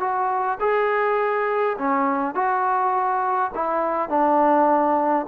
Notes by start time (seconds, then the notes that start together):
0.00 F#4
0.60 G#4
1.78 C#4
2.35 F#4
3.55 E4
4.09 D4